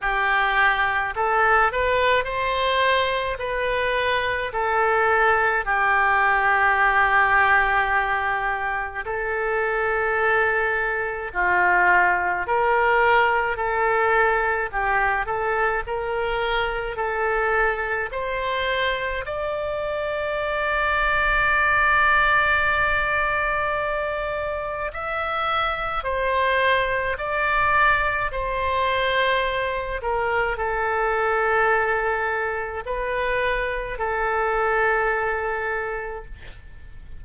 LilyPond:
\new Staff \with { instrumentName = "oboe" } { \time 4/4 \tempo 4 = 53 g'4 a'8 b'8 c''4 b'4 | a'4 g'2. | a'2 f'4 ais'4 | a'4 g'8 a'8 ais'4 a'4 |
c''4 d''2.~ | d''2 e''4 c''4 | d''4 c''4. ais'8 a'4~ | a'4 b'4 a'2 | }